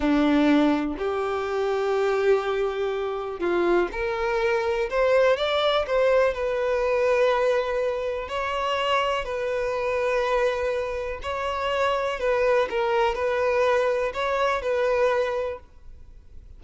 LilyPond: \new Staff \with { instrumentName = "violin" } { \time 4/4 \tempo 4 = 123 d'2 g'2~ | g'2. f'4 | ais'2 c''4 d''4 | c''4 b'2.~ |
b'4 cis''2 b'4~ | b'2. cis''4~ | cis''4 b'4 ais'4 b'4~ | b'4 cis''4 b'2 | }